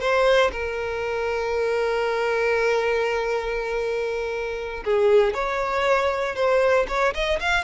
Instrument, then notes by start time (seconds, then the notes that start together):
violin
0.00 C5
0.52 A#4
4.85 G#4
5.34 C#5
6.35 C5
6.88 C#5
7.14 D#5
7.40 F5